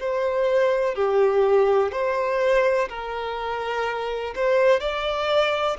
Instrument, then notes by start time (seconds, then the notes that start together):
violin
0.00 C5
0.95 G4
1.92 C5
2.89 A#4
4.36 C5
4.81 D5